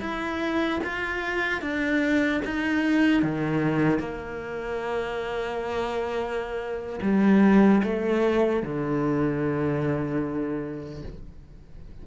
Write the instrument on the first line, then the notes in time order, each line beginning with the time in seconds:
cello
0.00 E4
0.84 F4
1.61 D4
2.45 D#4
3.23 D#3
4.00 A#3
7.02 G3
7.84 A3
8.63 D3